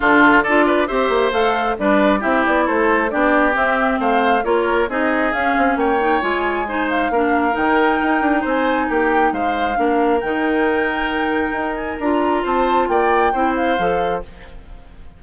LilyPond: <<
  \new Staff \with { instrumentName = "flute" } { \time 4/4 \tempo 4 = 135 a'4 d''4 e''4 f''4 | d''4 e''8 d''8 c''4 d''4 | e''4 f''4 cis''4 dis''4 | f''4 g''4 gis''4. f''8~ |
f''4 g''2 gis''4 | g''4 f''2 g''4~ | g''2~ g''8 gis''8 ais''4 | a''4 g''4. f''4. | }
  \new Staff \with { instrumentName = "oboe" } { \time 4/4 f'4 a'8 b'8 c''2 | b'4 g'4 a'4 g'4~ | g'4 c''4 ais'4 gis'4~ | gis'4 cis''2 c''4 |
ais'2. c''4 | g'4 c''4 ais'2~ | ais'1 | c''4 d''4 c''2 | }
  \new Staff \with { instrumentName = "clarinet" } { \time 4/4 d'4 f'4 g'4 a'4 | d'4 e'2 d'4 | c'2 f'4 dis'4 | cis'4. dis'8 f'4 dis'4 |
d'4 dis'2.~ | dis'2 d'4 dis'4~ | dis'2. f'4~ | f'2 e'4 a'4 | }
  \new Staff \with { instrumentName = "bassoon" } { \time 4/4 d4 d'4 c'8 ais8 a4 | g4 c'8 b8 a4 b4 | c'4 a4 ais4 c'4 | cis'8 c'8 ais4 gis2 |
ais4 dis4 dis'8 d'8 c'4 | ais4 gis4 ais4 dis4~ | dis2 dis'4 d'4 | c'4 ais4 c'4 f4 | }
>>